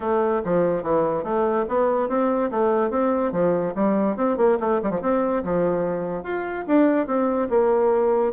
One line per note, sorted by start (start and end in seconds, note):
0.00 0.42 A3
0.44 0.82 F3
0.82 1.23 E3
1.23 1.65 A3
1.68 2.08 B3
2.08 2.50 C4
2.50 2.90 A3
2.90 3.31 C4
3.32 3.73 F3
3.75 4.16 G3
4.16 4.37 C4
4.37 4.58 A#3
4.59 4.80 A3
4.83 4.90 G3
4.90 5.00 F3
5.01 5.43 C4
5.43 6.23 F3
6.23 6.64 F4
6.67 7.06 D4
7.06 7.48 C4
7.49 8.33 A#3